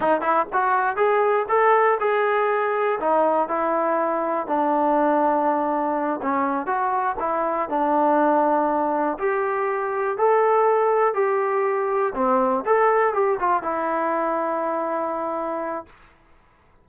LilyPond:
\new Staff \with { instrumentName = "trombone" } { \time 4/4 \tempo 4 = 121 dis'8 e'8 fis'4 gis'4 a'4 | gis'2 dis'4 e'4~ | e'4 d'2.~ | d'8 cis'4 fis'4 e'4 d'8~ |
d'2~ d'8 g'4.~ | g'8 a'2 g'4.~ | g'8 c'4 a'4 g'8 f'8 e'8~ | e'1 | }